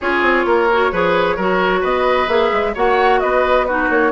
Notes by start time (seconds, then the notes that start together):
0.00 C#4 F4 G#4 C#5
0.22 C4
0.45 A#3 A#4
0.72 F#4
0.91 F3 G#4 B4
1.36 F#3 F#4 A#4
1.80 B3 B4 D#5
2.27 A#3 G#4 E5
2.52 G#3
2.74 A#3 F#4 C#5 F#5
3.19 B3 B4 D#5
3.65 D#4 F#4 B4
3.89 A#3 C#5